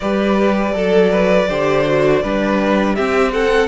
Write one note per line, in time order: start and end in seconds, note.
0.00 0.74 G3
0.00 0.72 G4
0.00 0.74 B4
0.00 2.95 D5
0.72 1.48 F#3
0.72 1.46 A4
0.72 1.11 A4
1.11 1.48 B4
1.48 2.23 D3
1.48 1.85 G4
1.48 2.22 C5
1.85 2.23 F#4
2.22 2.97 G3
2.22 2.97 D4
2.22 2.95 B4
2.95 3.67 C4
2.95 3.32 G4
2.95 3.32 E5
3.32 3.67 A4
3.32 3.67 F#5